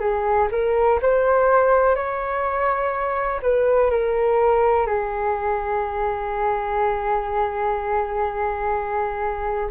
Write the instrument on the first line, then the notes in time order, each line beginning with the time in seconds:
flute
0.00 G#4
0.51 A#4
1.02 C5
1.95 C#5
3.42 B4
3.91 A#4
4.87 G#4